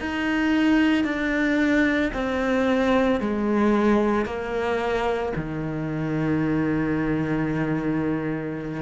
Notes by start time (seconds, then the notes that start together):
0.00 D#4
1.04 D4
2.13 C4
3.20 G#3
4.25 A#3
5.36 D#3